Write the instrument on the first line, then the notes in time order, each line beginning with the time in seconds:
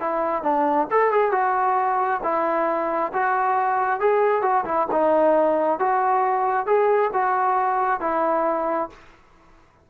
trombone
0.00 E4
0.42 D4
0.91 A4
1.11 G#4
1.32 F#4
2.23 E4
3.13 F#4
4.00 G#4
4.42 F#4
4.65 E4
4.92 D#4
5.79 F#4
6.66 G#4
7.13 F#4
8.00 E4